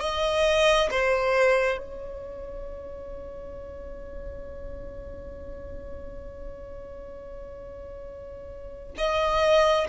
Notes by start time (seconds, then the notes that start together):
0.00 D#5
0.90 C5
1.78 C#5
8.98 D#5